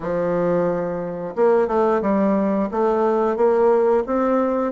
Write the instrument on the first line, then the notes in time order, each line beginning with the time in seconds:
bassoon
0.00 F3
1.35 A#3
1.67 A3
2.01 G3
2.71 A3
3.36 A#3
4.06 C4